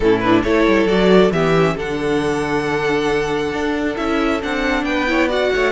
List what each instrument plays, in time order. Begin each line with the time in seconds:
0.00 cello A2, viola C#4, violin E4 A4
0.20 viola D4, violin B4
0.43 cello A3, viola E4, violin A4 C#5
0.66 cello G3
0.85 cello F#3, viola F#4, violin D5
1.31 cello E3, viola B3, violin G4 E5
1.55 viola C#4
1.76 cello D3, viola D4, violin A4 F#5
3.52 cello D4
3.96 cello C#4, viola E4, violin E5
4.41 cello C4, viola D4, violin F#5
4.84 cello B3, violin B4 G5
5.07 viola E4, violin C#5
5.28 viola F#4, violin D5 F#5
5.54 cello A3, violin C#5